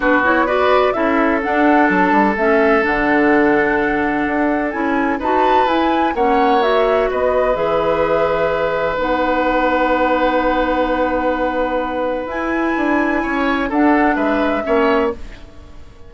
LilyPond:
<<
  \new Staff \with { instrumentName = "flute" } { \time 4/4 \tempo 4 = 127 b'8 cis''8 d''4 e''4 fis''4 | a''4 e''4 fis''2~ | fis''2 gis''4 a''4 | gis''4 fis''4 e''4 dis''4 |
e''2. fis''4~ | fis''1~ | fis''2 gis''2~ | gis''4 fis''4 e''2 | }
  \new Staff \with { instrumentName = "oboe" } { \time 4/4 fis'4 b'4 a'2~ | a'1~ | a'2. b'4~ | b'4 cis''2 b'4~ |
b'1~ | b'1~ | b'1 | cis''4 a'4 b'4 cis''4 | }
  \new Staff \with { instrumentName = "clarinet" } { \time 4/4 d'8 e'8 fis'4 e'4 d'4~ | d'4 cis'4 d'2~ | d'2 e'4 fis'4 | e'4 cis'4 fis'2 |
gis'2. dis'4~ | dis'1~ | dis'2 e'2~ | e'4 d'2 cis'4 | }
  \new Staff \with { instrumentName = "bassoon" } { \time 4/4 b2 cis'4 d'4 | fis8 g8 a4 d2~ | d4 d'4 cis'4 dis'4 | e'4 ais2 b4 |
e2. b4~ | b1~ | b2 e'4 d'4 | cis'4 d'4 gis4 ais4 | }
>>